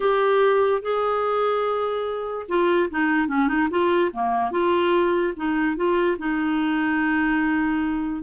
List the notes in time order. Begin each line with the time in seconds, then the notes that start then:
0.00 G4
0.81 G#4
2.48 F4
2.90 D#4
3.27 C#4
3.47 D#4
3.70 F4
4.12 A#3
4.51 F4
5.36 D#4
5.76 F4
6.18 D#4